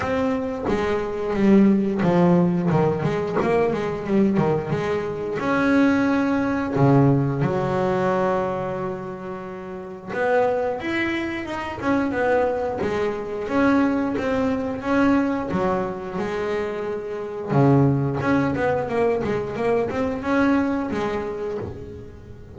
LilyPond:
\new Staff \with { instrumentName = "double bass" } { \time 4/4 \tempo 4 = 89 c'4 gis4 g4 f4 | dis8 gis8 ais8 gis8 g8 dis8 gis4 | cis'2 cis4 fis4~ | fis2. b4 |
e'4 dis'8 cis'8 b4 gis4 | cis'4 c'4 cis'4 fis4 | gis2 cis4 cis'8 b8 | ais8 gis8 ais8 c'8 cis'4 gis4 | }